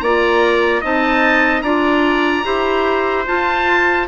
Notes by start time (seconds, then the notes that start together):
0.00 A#3 F4 D5 A#5
0.82 C4 D#4 D#5 A5
1.62 D4 F4 D5 A#5
2.44 E4 G4 C5
3.27 F4 A5